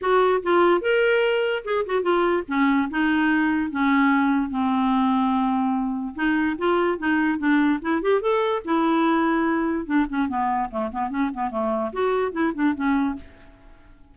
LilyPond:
\new Staff \with { instrumentName = "clarinet" } { \time 4/4 \tempo 4 = 146 fis'4 f'4 ais'2 | gis'8 fis'8 f'4 cis'4 dis'4~ | dis'4 cis'2 c'4~ | c'2. dis'4 |
f'4 dis'4 d'4 e'8 g'8 | a'4 e'2. | d'8 cis'8 b4 a8 b8 cis'8 b8 | a4 fis'4 e'8 d'8 cis'4 | }